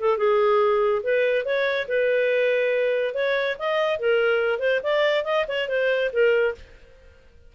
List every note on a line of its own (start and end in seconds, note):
0.00 0.17 A4
0.17 1.02 G#4
1.03 1.45 B4
1.45 1.87 C#5
1.88 3.14 B4
3.14 3.57 C#5
3.59 3.99 D#5
3.99 4.59 A#4
4.59 4.80 C5
4.83 5.24 D5
5.24 5.45 D#5
5.48 5.68 C#5
5.68 6.11 C5
6.12 6.55 A#4